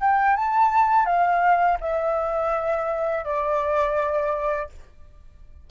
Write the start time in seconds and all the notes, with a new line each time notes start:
0.00 G5
0.36 A5
1.05 F5
1.80 E5
3.24 D5